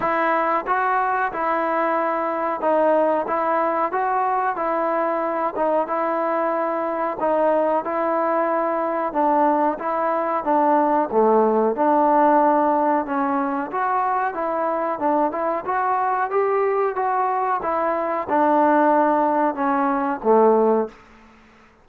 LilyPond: \new Staff \with { instrumentName = "trombone" } { \time 4/4 \tempo 4 = 92 e'4 fis'4 e'2 | dis'4 e'4 fis'4 e'4~ | e'8 dis'8 e'2 dis'4 | e'2 d'4 e'4 |
d'4 a4 d'2 | cis'4 fis'4 e'4 d'8 e'8 | fis'4 g'4 fis'4 e'4 | d'2 cis'4 a4 | }